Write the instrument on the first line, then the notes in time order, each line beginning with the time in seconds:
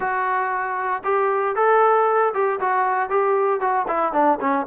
trombone
0.00 F#4
1.03 G4
1.55 A4
2.33 G4
2.60 F#4
3.09 G4
3.60 F#4
3.87 E4
4.12 D4
4.40 C#4